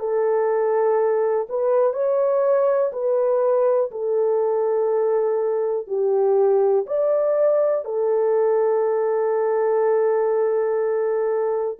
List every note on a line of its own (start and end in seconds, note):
0.00 1.48 A4
1.50 1.94 B4
1.94 2.92 C#5
2.93 3.91 B4
3.92 5.88 A4
5.88 6.86 G4
6.87 7.85 D5
7.85 11.79 A4